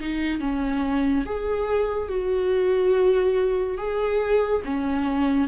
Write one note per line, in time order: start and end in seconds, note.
0.00 0.40 D#4
0.40 1.25 C#4
1.26 2.09 G#4
2.09 3.78 F#4
3.78 4.62 G#4
4.65 5.48 C#4